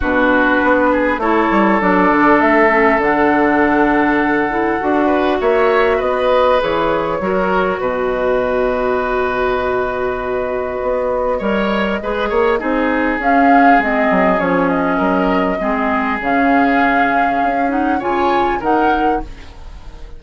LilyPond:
<<
  \new Staff \with { instrumentName = "flute" } { \time 4/4 \tempo 4 = 100 b'2 cis''4 d''4 | e''4 fis''2.~ | fis''4 e''4 dis''4 cis''4~ | cis''4 dis''2.~ |
dis''1~ | dis''2 f''4 dis''4 | cis''8 dis''2~ dis''8 f''4~ | f''4. fis''8 gis''4 fis''4 | }
  \new Staff \with { instrumentName = "oboe" } { \time 4/4 fis'4. gis'8 a'2~ | a'1~ | a'8 b'8 cis''4 b'2 | ais'4 b'2.~ |
b'2. cis''4 | b'8 cis''8 gis'2.~ | gis'4 ais'4 gis'2~ | gis'2 cis''4 ais'4 | }
  \new Staff \with { instrumentName = "clarinet" } { \time 4/4 d'2 e'4 d'4~ | d'8 cis'8 d'2~ d'8 e'8 | fis'2. gis'4 | fis'1~ |
fis'2. ais'4 | gis'4 dis'4 cis'4 c'4 | cis'2 c'4 cis'4~ | cis'4. dis'8 f'4 dis'4 | }
  \new Staff \with { instrumentName = "bassoon" } { \time 4/4 b,4 b4 a8 g8 fis8 d8 | a4 d2. | d'4 ais4 b4 e4 | fis4 b,2.~ |
b,2 b4 g4 | gis8 ais8 c'4 cis'4 gis8 fis8 | f4 fis4 gis4 cis4~ | cis4 cis'4 cis4 dis4 | }
>>